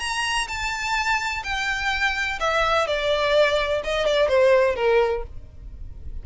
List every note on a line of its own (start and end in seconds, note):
0.00 0.48 A#5
0.48 1.43 A5
1.44 2.40 G5
2.40 2.87 E5
2.87 3.83 D5
3.84 4.06 D#5
4.06 4.29 D5
4.29 4.76 C5
4.76 5.23 A#4